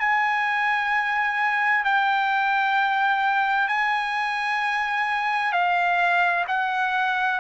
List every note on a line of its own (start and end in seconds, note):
0.00 1.85 G#5
1.85 3.68 G5
3.68 5.53 G#5
5.53 6.45 F5
6.48 7.40 F#5